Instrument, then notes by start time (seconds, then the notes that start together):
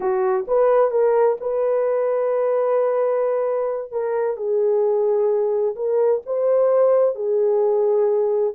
horn
0.00 F#4
0.47 B4
0.90 A#4
1.40 B4
3.91 A#4
4.36 G#4
5.75 A#4
6.26 C5
7.15 G#4